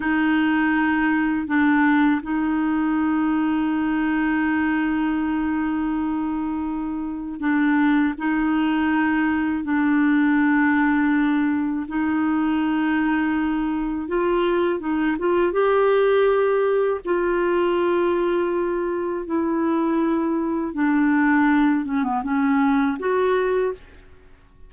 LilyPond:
\new Staff \with { instrumentName = "clarinet" } { \time 4/4 \tempo 4 = 81 dis'2 d'4 dis'4~ | dis'1~ | dis'2 d'4 dis'4~ | dis'4 d'2. |
dis'2. f'4 | dis'8 f'8 g'2 f'4~ | f'2 e'2 | d'4. cis'16 b16 cis'4 fis'4 | }